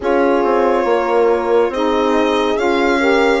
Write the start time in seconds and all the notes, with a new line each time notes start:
0.00 C#4 F4 G#4 C#5
0.44 C4
0.84 A#3 A#4
1.69 C4 D#4 G#4 D#5
2.57 C#4 F4 F5
2.99 G4 A#4